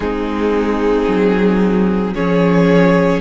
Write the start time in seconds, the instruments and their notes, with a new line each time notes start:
0.00 cello G#3, viola C4, violin D#4 G#4
1.07 cello F#3
2.14 cello F3, viola C#4, violin G#4 C#5